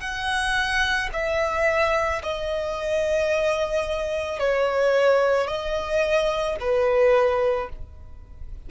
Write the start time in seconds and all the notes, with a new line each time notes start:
0.00 F#5
1.13 E5
2.23 D#5
4.39 C#5
5.47 D#5
6.60 B4